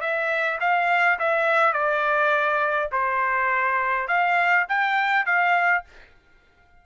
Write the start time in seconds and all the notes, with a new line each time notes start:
0.00 E5
0.60 F5
1.19 E5
1.73 D5
2.91 C5
4.08 F5
4.68 G5
5.25 F5